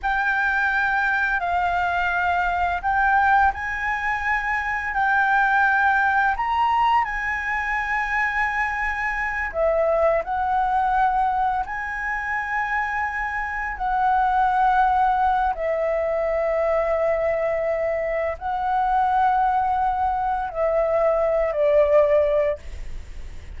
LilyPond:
\new Staff \with { instrumentName = "flute" } { \time 4/4 \tempo 4 = 85 g''2 f''2 | g''4 gis''2 g''4~ | g''4 ais''4 gis''2~ | gis''4. e''4 fis''4.~ |
fis''8 gis''2. fis''8~ | fis''2 e''2~ | e''2 fis''2~ | fis''4 e''4. d''4. | }